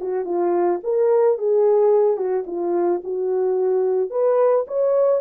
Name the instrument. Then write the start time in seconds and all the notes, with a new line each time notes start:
horn
0.00 F#4
0.25 F4
0.83 A#4
1.38 G#4
2.17 F#4
2.46 F4
3.04 F#4
4.10 B4
4.67 C#5